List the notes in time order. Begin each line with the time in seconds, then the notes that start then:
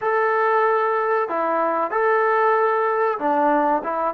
0.01 A4
1.29 E4
1.90 A4
3.18 D4
3.83 E4